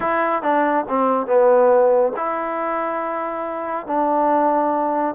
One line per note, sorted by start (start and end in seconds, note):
0.00 0.42 E4
0.42 0.85 D4
0.88 1.26 C4
1.26 2.12 B3
2.16 3.86 E4
3.86 5.15 D4